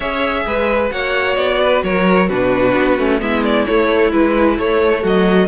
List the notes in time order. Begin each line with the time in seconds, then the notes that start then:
0.00 C#4 G#4 C#5 E5
0.45 G#3 B4
0.90 A#3 F#4 C#5 F#5
1.35 B3 D5
1.61 B4
1.83 F#3 A#4 C#5
2.28 B2 D4 F#4 B4
2.75 B3
2.98 A3 C#4
3.19 G#3 B3 E4 E5
3.44 D5
3.65 A3 C#5
4.12 E3 G#3 B4
4.56 A3 C#5
5.01 F#3 F#4 D#5